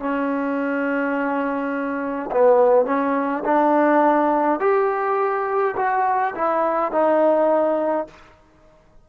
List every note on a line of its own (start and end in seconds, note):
0.00 2.31 C#4
2.32 2.86 B3
2.86 3.44 C#4
3.45 4.60 D4
4.60 5.75 G4
5.77 6.35 F#4
6.36 6.92 E4
6.92 8.08 D#4